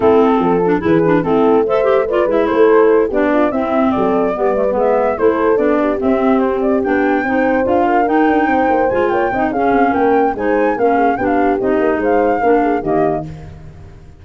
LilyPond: <<
  \new Staff \with { instrumentName = "flute" } { \time 4/4 \tempo 4 = 145 a'2 b'4 a'4 | e''4 d''8 e''8 c''4. d''8~ | d''8 e''4 d''2 e''8~ | e''8 c''4 d''4 e''4 c''8 |
d''8 g''2 f''4 g''8~ | g''4. gis''8 g''4 f''4 | g''4 gis''4 f''4 g''16 f''8. | dis''4 f''2 dis''4 | }
  \new Staff \with { instrumentName = "horn" } { \time 4/4 e'4 a'4 gis'4 e'4 | c''4 b'4 a'4. g'8 | f'8 e'4 a'4 b'4.~ | b'8 a'4. g'2~ |
g'4. c''4. ais'4~ | ais'8 c''4. cis''8 dis''8 gis'4 | ais'4 c''4 ais'8 gis'8 g'4~ | g'4 c''4 ais'8 gis'8 g'4 | }
  \new Staff \with { instrumentName = "clarinet" } { \time 4/4 c'4. d'8 e'8 d'8 c'4 | a'8 g'8 f'8 e'2 d'8~ | d'8 c'2 b8 a16 b8.~ | b8 e'4 d'4 c'4.~ |
c'8 d'4 dis'4 f'4 dis'8~ | dis'4. f'4 dis'8 cis'4~ | cis'4 dis'4 cis'4 d'4 | dis'2 d'4 ais4 | }
  \new Staff \with { instrumentName = "tuba" } { \time 4/4 a4 f4 e4 a4~ | a4. gis8 a4. b8~ | b8 c'4 fis4 g4 gis8~ | gis8 a4 b4 c'4.~ |
c'8 b4 c'4 d'4 dis'8 | d'8 c'8 ais8 gis8 ais8 c'8 cis'8 c'8 | ais4 gis4 ais4 b4 | c'8 ais8 gis4 ais4 dis4 | }
>>